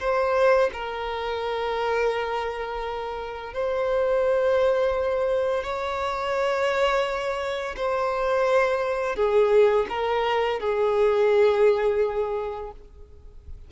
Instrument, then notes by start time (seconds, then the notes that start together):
violin
0.00 C5
0.73 A#4
3.54 C5
5.64 C#5
7.76 C5
9.16 G#4
9.90 A#4
10.60 G#4